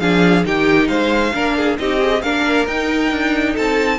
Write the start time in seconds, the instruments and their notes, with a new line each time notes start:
0.00 cello F3, viola D4, violin G#4 F5
0.44 cello D#3, viola D#4, violin G4 G5
0.88 cello G#3, violin C5 F5
1.34 cello A#3, viola D4, violin A#4
1.57 violin G#4
1.79 cello C4, viola D#4, violin G4 D#5
2.00 viola G#4
2.22 cello A#3, viola D4, violin A#4 F5
2.67 cello D#4, viola D#4, violin G5
3.12 cello D4
3.53 cello C4, violin A4 A5